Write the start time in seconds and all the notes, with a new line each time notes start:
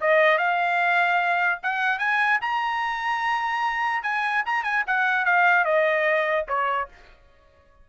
0.00 D#5
0.38 F5
1.63 F#5
1.99 G#5
2.41 A#5
4.03 G#5
4.45 A#5
4.63 G#5
4.86 F#5
5.25 F5
5.64 D#5
6.48 C#5